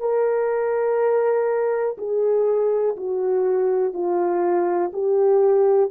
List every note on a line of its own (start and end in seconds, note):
0.00 1.97 A#4
1.98 2.96 G#4
2.96 3.93 F#4
3.93 4.91 F4
4.93 5.91 G4